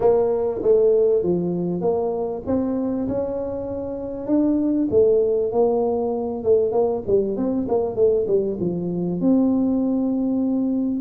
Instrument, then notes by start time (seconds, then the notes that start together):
tuba
0.00 A#3
0.62 A3
1.22 F3
1.81 A#3
2.46 C4
3.08 C#4
4.26 D4
4.90 A3
5.52 A#3
6.43 A3
6.72 A#3
7.07 G3
7.36 C4
7.68 A#3
7.95 A3
8.27 G3
8.59 F3
9.20 C4